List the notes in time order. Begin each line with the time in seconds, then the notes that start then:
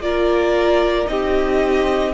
0.00 A#3 F4 A#4 D5
1.06 C4 D#4 G4 D#5